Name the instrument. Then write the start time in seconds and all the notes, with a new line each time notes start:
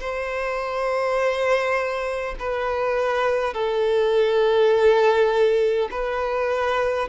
violin
0.00 C5
2.39 B4
3.53 A4
5.90 B4